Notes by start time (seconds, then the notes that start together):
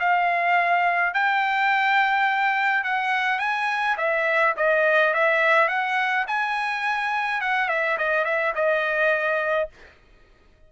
0.00 F5
1.14 G5
2.84 F#5
3.39 G#5
3.98 E5
4.57 D#5
5.14 E5
5.69 F#5
6.28 G#5
7.41 F#5
7.69 E5
7.98 D#5
8.25 E5
8.55 D#5